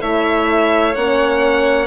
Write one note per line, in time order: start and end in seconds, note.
0.00 0.96 A3
0.00 0.94 E4
0.00 1.87 C#5
0.00 0.95 E5
0.95 1.87 A#3
0.95 1.87 C#4
0.95 1.87 F#5